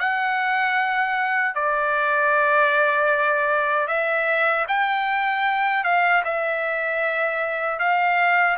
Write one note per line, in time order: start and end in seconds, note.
0.00 1.55 F#5
1.55 3.88 D5
3.88 4.66 E5
4.69 5.84 G5
5.84 6.23 F5
6.25 7.80 E5
7.80 8.57 F5